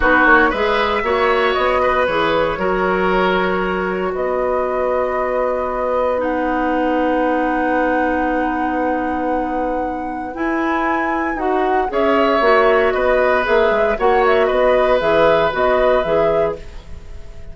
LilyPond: <<
  \new Staff \with { instrumentName = "flute" } { \time 4/4 \tempo 4 = 116 b'8 cis''8 e''2 dis''4 | cis''1 | dis''1 | fis''1~ |
fis''1 | gis''2 fis''4 e''4~ | e''4 dis''4 e''4 fis''8 e''8 | dis''4 e''4 dis''4 e''4 | }
  \new Staff \with { instrumentName = "oboe" } { \time 4/4 fis'4 b'4 cis''4. b'8~ | b'4 ais'2. | b'1~ | b'1~ |
b'1~ | b'2. cis''4~ | cis''4 b'2 cis''4 | b'1 | }
  \new Staff \with { instrumentName = "clarinet" } { \time 4/4 dis'4 gis'4 fis'2 | gis'4 fis'2.~ | fis'1 | dis'1~ |
dis'1 | e'2 fis'4 gis'4 | fis'2 gis'4 fis'4~ | fis'4 gis'4 fis'4 gis'4 | }
  \new Staff \with { instrumentName = "bassoon" } { \time 4/4 b8 ais8 gis4 ais4 b4 | e4 fis2. | b1~ | b1~ |
b1 | e'2 dis'4 cis'4 | ais4 b4 ais8 gis8 ais4 | b4 e4 b4 e4 | }
>>